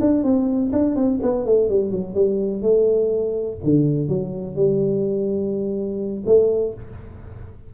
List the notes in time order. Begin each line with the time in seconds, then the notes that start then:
0.00 D4
0.23 C4
0.72 D4
0.95 C4
1.22 B3
1.45 A3
1.69 G3
1.91 F#3
2.14 G3
2.62 A3
3.63 D3
4.08 F#3
4.55 G3
6.26 A3